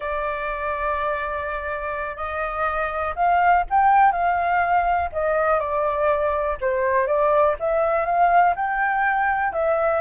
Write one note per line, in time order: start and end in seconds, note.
0.00 2.16 D5
2.16 3.14 D#5
3.15 3.64 F5
3.70 4.12 G5
4.12 5.09 F5
5.12 5.59 D#5
5.59 6.57 D5
6.60 7.06 C5
7.06 7.55 D5
7.59 8.05 E5
8.05 8.54 F5
8.55 9.53 G5
9.53 10.00 E5